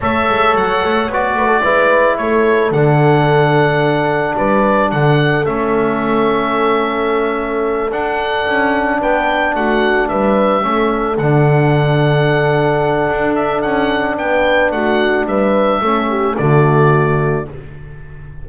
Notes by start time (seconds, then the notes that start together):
0.00 A3 A4 C#5 E5
0.29 G#3
0.55 F#3 F#5
0.84 A3
1.08 B3 F#4 D5
1.34 A3 B4
1.47 A4
1.62 G#3 E4 B4
2.17 A3 A4 C#5
2.70 D3 D4 F#5
4.36 G3 B4 D5
4.91 D3 A4 F#5
5.45 A3 C#4 E5
7.91 D4 F#5
8.47 C#4
9.00 B3 B4 G5
9.55 A3 F#4 F#5
10.08 G3 B4 E5
10.61 A3 C#4 A4
11.18 D3 D4 F#5
13.10 D4
13.35 E5
13.61 C#4 F#5
14.16 B3 B4 G5
14.71 A3 F#4 F#5
15.25 G3 B4 E5
15.80 A3 C#4 A4
16.09 G4
16.37 D3 A3 F#4 D5